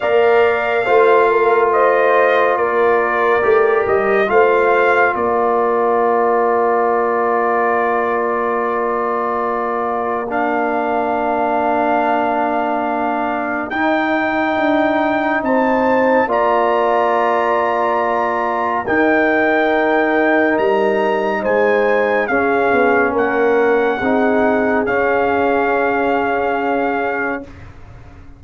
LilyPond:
<<
  \new Staff \with { instrumentName = "trumpet" } { \time 4/4 \tempo 4 = 70 f''2 dis''4 d''4~ | d''8 dis''8 f''4 d''2~ | d''1 | f''1 |
g''2 a''4 ais''4~ | ais''2 g''2 | ais''4 gis''4 f''4 fis''4~ | fis''4 f''2. | }
  \new Staff \with { instrumentName = "horn" } { \time 4/4 d''4 c''8 ais'8 c''4 ais'4~ | ais'4 c''4 ais'2~ | ais'1~ | ais'1~ |
ais'2 c''4 d''4~ | d''2 ais'2~ | ais'4 c''4 gis'4 ais'4 | gis'1 | }
  \new Staff \with { instrumentName = "trombone" } { \time 4/4 ais'4 f'2. | g'4 f'2.~ | f'1 | d'1 |
dis'2. f'4~ | f'2 dis'2~ | dis'2 cis'2 | dis'4 cis'2. | }
  \new Staff \with { instrumentName = "tuba" } { \time 4/4 ais4 a2 ais4 | a8 g8 a4 ais2~ | ais1~ | ais1 |
dis'4 d'4 c'4 ais4~ | ais2 dis'2 | g4 gis4 cis'8 b8 ais4 | c'4 cis'2. | }
>>